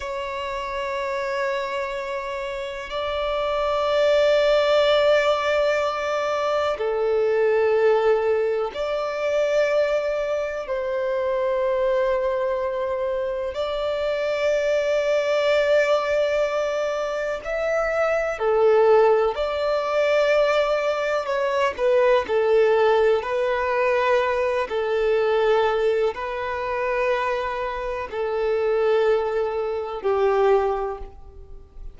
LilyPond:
\new Staff \with { instrumentName = "violin" } { \time 4/4 \tempo 4 = 62 cis''2. d''4~ | d''2. a'4~ | a'4 d''2 c''4~ | c''2 d''2~ |
d''2 e''4 a'4 | d''2 cis''8 b'8 a'4 | b'4. a'4. b'4~ | b'4 a'2 g'4 | }